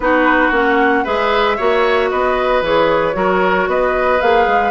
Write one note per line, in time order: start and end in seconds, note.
0.00 0.49 B3
0.00 0.52 D#4
0.00 1.04 F#4
0.00 0.52 B4
0.51 1.03 A#3
0.51 1.05 C#4
0.51 1.05 F#5
1.04 1.59 G#3
1.04 1.57 G#4
1.04 1.56 B4
1.04 2.10 E5
1.56 2.11 A#3
1.56 2.63 F#4
1.56 2.09 C#5
2.10 2.61 B3
2.10 3.16 B4
2.10 2.62 D#5
2.61 3.14 E3
2.61 3.13 G#4
2.61 3.69 C#5
3.13 3.67 F#3
3.13 4.18 F#4
3.13 3.69 A#4
3.67 4.19 B3
3.67 4.71 B4
3.67 4.21 D#5
4.21 4.47 A#3
4.21 4.71 G#4
4.21 4.71 F5
4.47 4.71 G#3